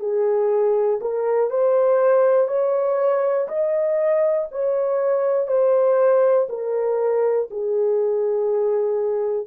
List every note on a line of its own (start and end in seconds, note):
0.00 1.00 G#4
1.01 1.50 A#4
1.50 2.48 C5
2.48 3.48 C#5
3.48 4.48 D#5
4.52 5.48 C#5
5.48 6.48 C5
6.50 7.50 A#4
7.50 9.47 G#4